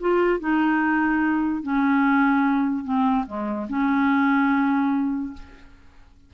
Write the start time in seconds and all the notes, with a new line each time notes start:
0.00 F4
0.39 D#4
1.62 C#4
2.84 C4
3.26 G#3
3.69 C#4